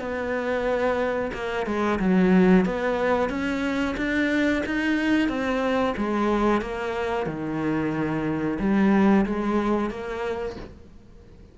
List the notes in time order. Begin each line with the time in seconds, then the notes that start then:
0.00 B3
1.34 A#3
1.67 G#3
2.00 F#3
2.66 B3
3.30 C#4
3.97 D4
4.66 D#4
5.29 C4
5.98 G#3
6.62 A#3
7.27 D#3
8.60 G3
9.26 G#3
9.91 A#3